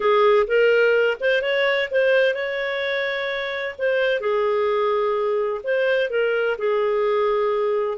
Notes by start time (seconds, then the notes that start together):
0.00 G#4
0.47 A#4
1.20 C5
1.42 C#5
1.90 C5
2.34 C#5
3.78 C5
4.20 G#4
5.63 C5
6.09 A#4
6.58 G#4